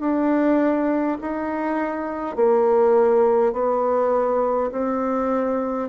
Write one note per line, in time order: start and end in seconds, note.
0.00 1.18 D4
1.21 2.36 D#4
2.36 3.53 A#3
3.53 4.71 B3
4.71 5.89 C4